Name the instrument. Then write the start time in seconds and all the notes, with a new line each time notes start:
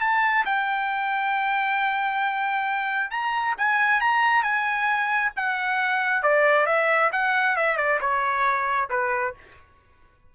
trumpet
0.00 A5
0.45 G5
3.10 A#5
3.58 G#5
4.00 A#5
4.43 G#5
5.36 F#5
6.22 D5
6.66 E5
7.12 F#5
7.56 E5
7.77 D5
8.00 C#5
8.89 B4